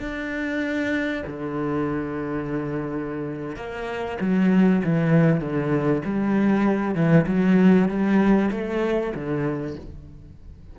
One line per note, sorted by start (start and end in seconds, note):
0.00 1.24 D4
1.27 3.57 D3
3.57 4.18 A#3
4.21 4.83 F#3
4.84 5.41 E3
5.41 6.03 D3
6.05 6.95 G3
6.95 7.26 E3
7.27 7.89 F#3
7.89 8.51 G3
8.52 9.13 A3
9.15 9.77 D3